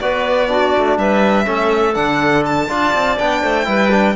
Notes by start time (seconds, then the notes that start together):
0.00 B3 F#4 B4 D5
0.48 D4 F#4
0.78 A3
0.98 G3 B4 E5
1.45 A3 C#4 A4
1.95 D3 D4 F#5
2.46 A5
2.68 D4 F4 D5
2.94 C4
3.18 B3 D4 G5
3.43 A3 C5
3.64 G3 E4 B4
3.91 D4